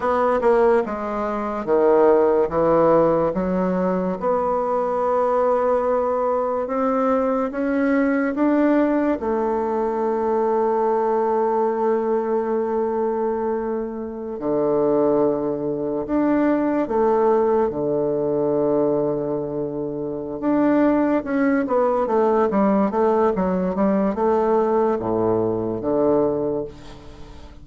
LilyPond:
\new Staff \with { instrumentName = "bassoon" } { \time 4/4 \tempo 4 = 72 b8 ais8 gis4 dis4 e4 | fis4 b2. | c'4 cis'4 d'4 a4~ | a1~ |
a4~ a16 d2 d'8.~ | d'16 a4 d2~ d8.~ | d8 d'4 cis'8 b8 a8 g8 a8 | fis8 g8 a4 a,4 d4 | }